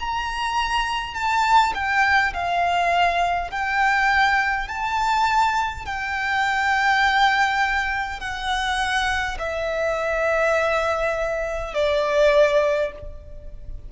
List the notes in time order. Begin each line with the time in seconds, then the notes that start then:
0.00 A#5
1.15 A5
1.75 G5
2.34 F5
3.51 G5
4.68 A5
5.86 G5
8.20 F#5
9.39 E5
11.74 D5